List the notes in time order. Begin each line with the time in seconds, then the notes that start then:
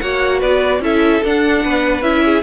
0.00 A#3 F#4 C#5 F#5
0.40 B3 B4 D5
0.80 C#4 E4 A4 E5
1.24 D4 F#5
1.64 B3 B4
2.02 C#4 E4 E5
2.26 G#4